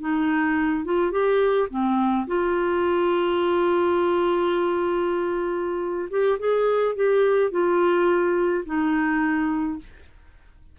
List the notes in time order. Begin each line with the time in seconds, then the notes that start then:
0.00 D#4
0.85 F4
1.11 G4
1.70 C4
2.27 F4
6.10 G4
6.39 G#4
6.95 G4
7.51 F4
8.65 D#4